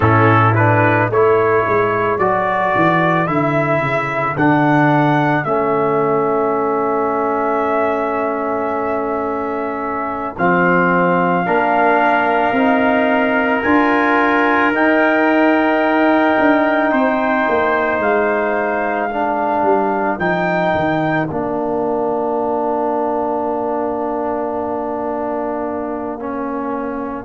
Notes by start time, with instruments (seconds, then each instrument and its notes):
0.00 tuba A2, trombone C#4, trumpet E4 A4
0.54 trombone D4, trumpet B4
1.09 tuba A3, trombone E4, trumpet A4 C#5
1.66 tuba G#3
2.18 tuba F#3, trombone F#4, trumpet D5
2.75 tuba E3
3.26 tuba D3, trombone E4, trumpet E5
3.80 tuba C#3
4.36 tuba D3, trombone D4, trumpet F#5
5.44 tuba A3, trombone C#4, trumpet E5
10.37 tuba F3, trombone C4, trumpet F5
11.45 tuba A#3, trombone D4, trumpet A#4
12.52 tuba C4, trombone D#4
13.62 tuba D4, trombone F4, trumpet G#5
14.71 tuba D#4, trombone D#4, trumpet G5
16.38 tuba D4
16.91 tuba C4, trumpet C5
17.48 tuba A#3
17.99 tuba G#3, trumpet F5
19.08 trombone D4, trumpet A#4
19.62 tuba G3
20.18 tuba F3, trombone D#4, trumpet G5
20.74 tuba D#3
21.27 tuba A#3, trombone D4, trumpet F5
26.19 trombone C#4